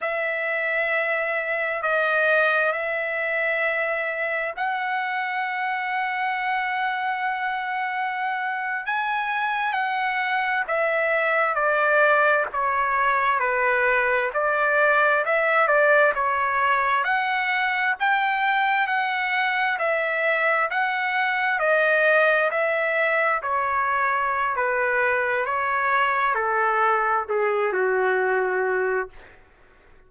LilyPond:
\new Staff \with { instrumentName = "trumpet" } { \time 4/4 \tempo 4 = 66 e''2 dis''4 e''4~ | e''4 fis''2.~ | fis''4.~ fis''16 gis''4 fis''4 e''16~ | e''8. d''4 cis''4 b'4 d''16~ |
d''8. e''8 d''8 cis''4 fis''4 g''16~ | g''8. fis''4 e''4 fis''4 dis''16~ | dis''8. e''4 cis''4~ cis''16 b'4 | cis''4 a'4 gis'8 fis'4. | }